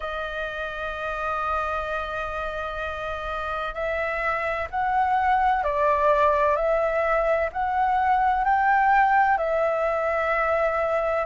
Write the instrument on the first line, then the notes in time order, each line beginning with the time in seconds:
flute
0.00 D#5
3.74 E5
4.70 F#5
5.63 D5
6.55 E5
7.52 F#5
8.44 G5
9.37 E5